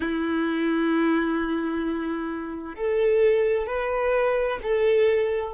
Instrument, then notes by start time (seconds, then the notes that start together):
violin
0.00 E4
2.74 A4
3.66 B4
4.62 A4